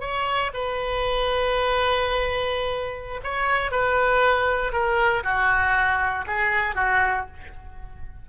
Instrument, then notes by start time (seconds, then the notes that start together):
oboe
0.00 C#5
0.53 B4
3.23 C#5
3.71 B4
4.72 A#4
5.23 F#4
6.26 G#4
6.75 F#4